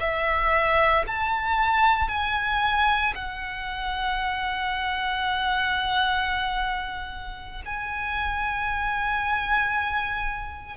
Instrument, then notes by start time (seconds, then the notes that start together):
violin
0.00 E5
1.07 A5
2.08 G#5
3.15 F#5
7.66 G#5